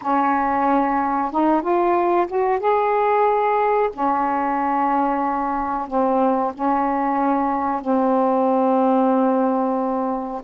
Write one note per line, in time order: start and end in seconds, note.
0.01 1.31 C#4
1.31 1.61 D#4
1.61 2.26 F4
2.27 2.59 F#4
2.59 3.90 G#4
3.93 5.87 C#4
5.87 6.52 C4
6.54 7.81 C#4
7.81 10.42 C4